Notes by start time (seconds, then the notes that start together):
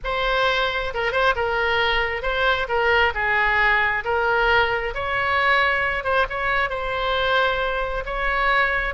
0.03 C5
0.93 A#4
1.12 C5
1.35 A#4
2.22 C5
2.68 A#4
3.14 G#4
4.04 A#4
4.94 C#5
6.04 C5
6.29 C#5
6.69 C5
8.05 C#5